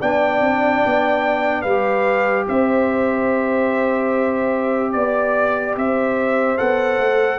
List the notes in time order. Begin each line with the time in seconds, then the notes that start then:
0.00 B3 D4 D5 G5
0.40 C4
0.85 B3
1.61 G3 G4 B4 F5
2.48 C4 C5 E5
4.92 B3 D5
5.76 C4 C5 E5
6.57 B3 A4 F#5
6.98 A3